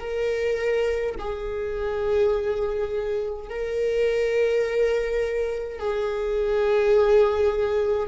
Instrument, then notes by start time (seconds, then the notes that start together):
viola
0.00 A#4
1.19 G#4
3.50 A#4
5.79 G#4